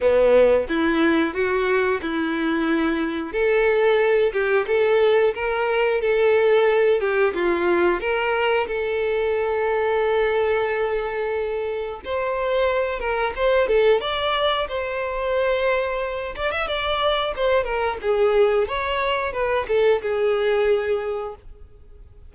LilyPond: \new Staff \with { instrumentName = "violin" } { \time 4/4 \tempo 4 = 90 b4 e'4 fis'4 e'4~ | e'4 a'4. g'8 a'4 | ais'4 a'4. g'8 f'4 | ais'4 a'2.~ |
a'2 c''4. ais'8 | c''8 a'8 d''4 c''2~ | c''8 d''16 e''16 d''4 c''8 ais'8 gis'4 | cis''4 b'8 a'8 gis'2 | }